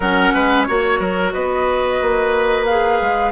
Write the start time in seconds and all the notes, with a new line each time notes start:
0.00 F#3 C#4 A#4 F#5
0.33 G#3 B4
0.62 F#4 C#5
0.68 A#3
0.99 F#3 A#4
1.32 B3 B4 D#5
2.01 A#3
2.65 G#4 F5
3.01 G#3